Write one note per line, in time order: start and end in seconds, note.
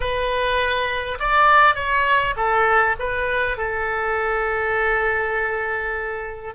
0.00 1.18 B4
1.19 1.75 D5
1.75 2.34 C#5
2.36 2.95 A4
2.99 3.57 B4
3.57 6.54 A4